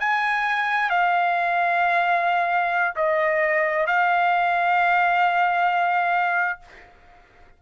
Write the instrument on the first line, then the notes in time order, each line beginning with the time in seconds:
trumpet
0.00 G#5
0.90 F5
2.96 D#5
3.87 F5